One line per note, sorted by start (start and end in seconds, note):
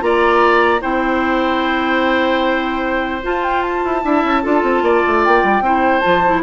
0.00 0.81 A#3
0.00 0.80 F4
0.00 0.81 D5
0.00 0.81 A#5
0.81 3.23 C4
0.81 3.21 E4
0.81 4.01 C5
0.81 3.22 G5
3.23 4.02 F4
3.23 3.84 F4
3.23 3.43 A5
3.43 3.62 G5
3.62 5.22 A5
3.84 4.04 E4
4.02 4.24 D4
4.02 4.42 E4
4.02 4.42 E5
4.24 4.44 C#4
4.42 4.62 D4
4.42 5.62 F4
4.42 4.82 A4
4.62 4.82 C4
4.82 5.02 A#3
4.82 5.64 D5
5.06 5.26 A3
5.24 5.43 A#3
5.24 6.00 G5
5.43 5.61 G3
5.61 6.01 C4
5.61 6.02 E4
5.61 6.43 C5
6.00 6.43 F3
6.00 6.22 F4
6.00 6.40 A5
6.26 6.43 E4